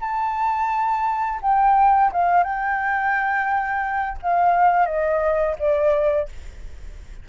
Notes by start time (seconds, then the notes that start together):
0.00 A5
1.41 G5
2.12 F5
2.43 G5
4.22 F5
4.85 D#5
5.58 D5